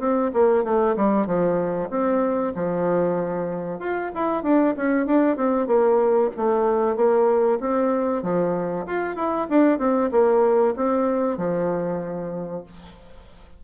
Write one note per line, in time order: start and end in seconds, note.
0.00 0.32 C4
0.34 0.64 A#3
0.64 0.96 A3
0.96 1.27 G3
1.27 1.90 F3
1.90 2.53 C4
2.56 3.80 F3
3.80 4.11 F4
4.15 4.44 E4
4.44 4.75 D4
4.77 5.06 C#4
5.06 5.37 D4
5.37 5.67 C4
5.67 6.30 A#3
6.37 6.96 A3
6.96 7.60 A#3
7.61 8.23 C4
8.23 8.86 F3
8.87 9.16 F4
9.16 9.48 E4
9.50 9.79 D4
9.79 10.11 C4
10.12 10.75 A#3
10.77 11.38 C4
11.38 12.64 F3